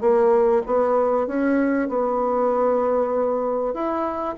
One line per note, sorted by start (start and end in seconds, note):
0.00 0.62 A#3
0.66 1.27 B3
1.27 1.88 C#4
1.88 3.73 B3
3.73 4.35 E4